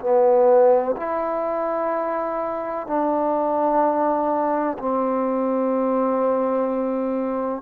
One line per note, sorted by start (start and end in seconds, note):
0.00 0.95 B3
0.96 2.87 E4
2.87 4.77 D4
4.78 7.61 C4